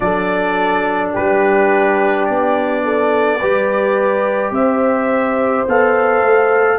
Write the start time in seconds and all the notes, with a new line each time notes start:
0.00 F#3 D4 A4 D5
1.13 G3 G4 B4
2.25 B3 D5
2.84 A4
3.38 G3 G4 B4
4.50 C4 C5 E5
5.67 B3 A4 F5
6.21 A3